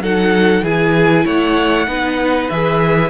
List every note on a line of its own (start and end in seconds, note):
0.00 0.62 F#3
0.00 0.65 D#4
0.00 0.64 A4
0.00 0.65 F#5
0.63 1.25 E3
0.63 1.88 E4
0.63 1.25 G#4
0.63 1.27 G#5
1.25 1.87 A3
1.25 1.87 C#5
1.25 2.50 F#5
1.87 2.49 B3
1.87 2.50 D#4
1.87 3.10 B4
2.50 3.10 E3
2.50 3.10 G#4
2.50 3.10 E5